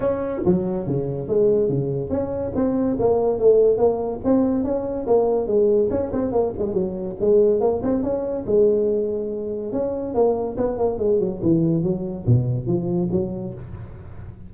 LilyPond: \new Staff \with { instrumentName = "tuba" } { \time 4/4 \tempo 4 = 142 cis'4 fis4 cis4 gis4 | cis4 cis'4 c'4 ais4 | a4 ais4 c'4 cis'4 | ais4 gis4 cis'8 c'8 ais8 gis8 |
fis4 gis4 ais8 c'8 cis'4 | gis2. cis'4 | ais4 b8 ais8 gis8 fis8 e4 | fis4 b,4 f4 fis4 | }